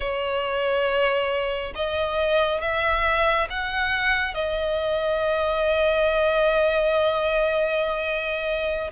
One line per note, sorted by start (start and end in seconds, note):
0.00 1.73 C#5
1.75 2.61 D#5
2.61 3.48 E5
3.50 4.34 F#5
4.34 8.91 D#5